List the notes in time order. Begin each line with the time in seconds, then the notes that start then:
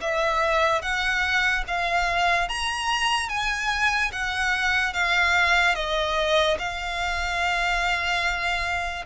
0.00 E5
0.81 F#5
1.67 F5
2.48 A#5
3.29 G#5
4.12 F#5
4.93 F5
5.75 D#5
6.58 F5